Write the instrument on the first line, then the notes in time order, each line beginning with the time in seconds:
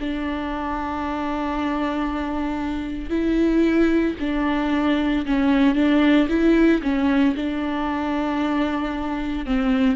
viola
0.00 D4
3.10 E4
4.20 D4
5.26 C#4
5.75 D4
6.29 E4
6.83 C#4
7.36 D4
9.46 C4